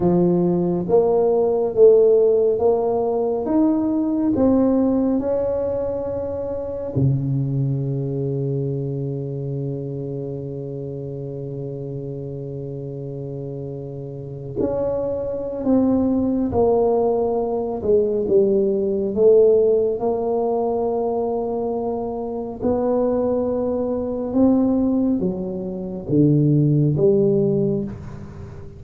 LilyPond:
\new Staff \with { instrumentName = "tuba" } { \time 4/4 \tempo 4 = 69 f4 ais4 a4 ais4 | dis'4 c'4 cis'2 | cis1~ | cis1~ |
cis8. cis'4~ cis'16 c'4 ais4~ | ais8 gis8 g4 a4 ais4~ | ais2 b2 | c'4 fis4 d4 g4 | }